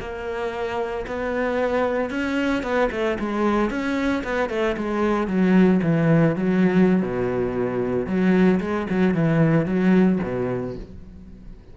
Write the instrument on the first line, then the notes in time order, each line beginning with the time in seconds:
cello
0.00 A#3
1.07 B3
2.11 C#4
2.63 B3
2.92 A3
3.20 G#3
3.70 C#4
4.24 B3
4.50 A3
4.77 G#3
5.28 F#3
5.83 E3
6.36 F#3
7.03 B2
8.07 F#3
8.61 G#3
8.90 F#3
9.14 E3
9.66 F#3
10.24 B2